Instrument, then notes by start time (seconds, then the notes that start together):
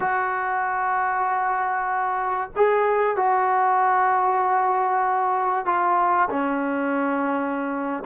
trombone
0.00 F#4
2.56 G#4
3.16 F#4
5.65 F4
6.30 C#4